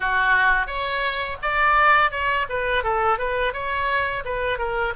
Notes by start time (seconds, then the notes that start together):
0.00 F#4
0.66 C#5
1.41 D5
2.11 C#5
2.49 B4
2.83 A4
3.18 B4
3.53 C#5
4.24 B4
4.58 A#4